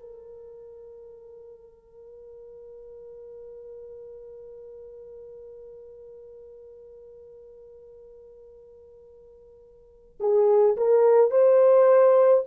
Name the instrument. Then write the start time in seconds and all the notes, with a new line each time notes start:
horn
0.00 A#4
10.20 G#4
10.78 A#4
11.31 C5